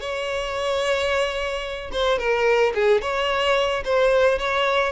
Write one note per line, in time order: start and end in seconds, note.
0.00 1.91 C#5
1.92 2.19 C5
2.19 2.73 A#4
2.75 3.01 G#4
3.01 3.83 C#5
3.85 4.39 C5
4.39 4.92 C#5